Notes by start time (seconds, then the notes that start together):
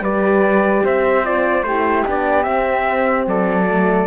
0.00 G3 G4 B4 D5
0.83 C4 C5 E5
1.24 F4 D5
1.62 A3 G4 C5
1.69 E4
2.06 B3 D4 D5
2.43 C4 E5
3.26 F#3 A4 D5
3.68 A3